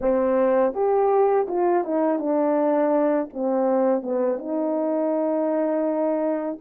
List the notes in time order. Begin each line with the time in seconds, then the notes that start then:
0.00 C4
0.73 G4
1.48 F4
1.84 D#4
2.19 D4
3.33 C4
4.02 B3
4.38 D#4